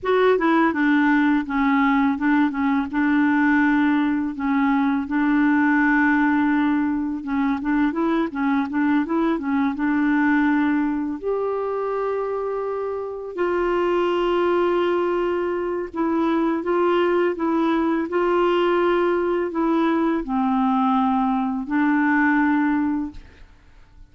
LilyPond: \new Staff \with { instrumentName = "clarinet" } { \time 4/4 \tempo 4 = 83 fis'8 e'8 d'4 cis'4 d'8 cis'8 | d'2 cis'4 d'4~ | d'2 cis'8 d'8 e'8 cis'8 | d'8 e'8 cis'8 d'2 g'8~ |
g'2~ g'8 f'4.~ | f'2 e'4 f'4 | e'4 f'2 e'4 | c'2 d'2 | }